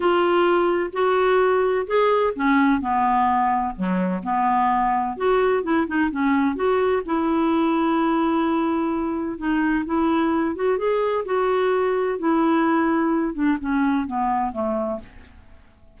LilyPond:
\new Staff \with { instrumentName = "clarinet" } { \time 4/4 \tempo 4 = 128 f'2 fis'2 | gis'4 cis'4 b2 | fis4 b2 fis'4 | e'8 dis'8 cis'4 fis'4 e'4~ |
e'1 | dis'4 e'4. fis'8 gis'4 | fis'2 e'2~ | e'8 d'8 cis'4 b4 a4 | }